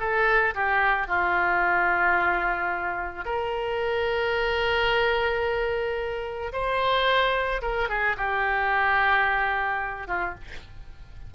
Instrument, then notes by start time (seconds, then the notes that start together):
oboe
0.00 A4
0.55 G4
1.07 F4
3.25 A#4
6.53 C5
7.62 A#4
7.89 G#4
8.17 G4
10.07 F4